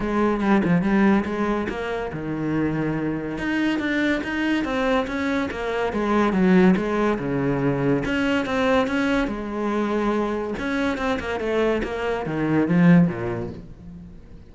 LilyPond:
\new Staff \with { instrumentName = "cello" } { \time 4/4 \tempo 4 = 142 gis4 g8 f8 g4 gis4 | ais4 dis2. | dis'4 d'4 dis'4 c'4 | cis'4 ais4 gis4 fis4 |
gis4 cis2 cis'4 | c'4 cis'4 gis2~ | gis4 cis'4 c'8 ais8 a4 | ais4 dis4 f4 ais,4 | }